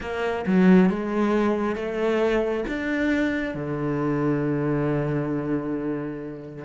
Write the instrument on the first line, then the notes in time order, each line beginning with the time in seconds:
cello
0.00 A#3
0.46 F#3
0.89 G#3
1.75 A3
2.67 D4
3.54 D3